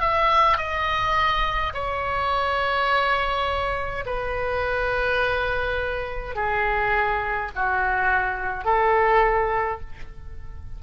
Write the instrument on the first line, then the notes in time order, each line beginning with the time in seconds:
oboe
0.00 E5
0.57 D#5
1.74 C#5
4.05 B4
6.35 G#4
7.55 F#4
8.64 A4